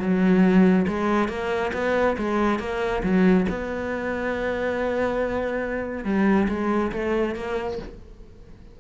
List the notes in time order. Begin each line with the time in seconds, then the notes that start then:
0.00 F#3
0.88 G#3
1.29 A#3
1.73 B3
2.18 G#3
2.59 A#3
3.03 F#3
3.49 B3
6.05 G3
6.48 G#3
6.92 A3
7.35 A#3